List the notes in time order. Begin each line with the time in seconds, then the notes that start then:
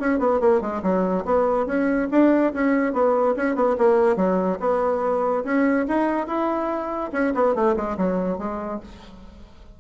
0.00 C#4
0.19 B3
0.40 A#3
0.61 G#3
0.83 F#3
1.25 B3
1.66 C#4
2.11 D4
2.53 C#4
2.93 B3
3.37 C#4
3.55 B3
3.78 A#3
4.16 F#3
4.60 B3
5.45 C#4
5.88 D#4
6.27 E4
7.13 C#4
7.35 B3
7.55 A3
7.76 G#3
7.97 F#3
8.38 G#3